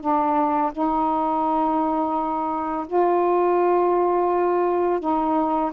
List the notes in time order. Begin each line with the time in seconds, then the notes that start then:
0.00 D4
0.72 D#4
2.87 F4
5.00 D#4